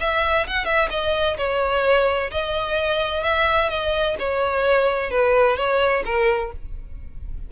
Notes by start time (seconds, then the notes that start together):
0.00 E5
0.47 F#5
0.65 E5
0.90 D#5
1.37 C#5
2.31 D#5
3.23 E5
3.69 D#5
4.19 C#5
5.10 B4
5.57 C#5
6.05 A#4